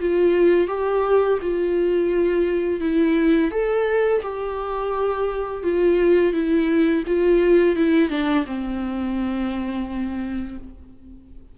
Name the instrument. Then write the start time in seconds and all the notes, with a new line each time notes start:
viola
0.00 F4
0.68 G4
1.41 F4
2.80 E4
3.51 A4
4.22 G4
5.63 F4
6.33 E4
7.07 F4
7.76 E4
8.10 D4
8.46 C4